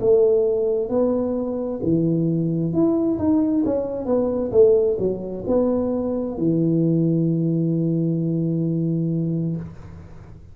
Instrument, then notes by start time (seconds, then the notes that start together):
tuba
0.00 A3
0.89 B3
1.83 E3
2.72 E4
3.18 D#4
3.65 C#4
4.05 B3
4.51 A3
4.99 F#3
5.47 B3
6.38 E3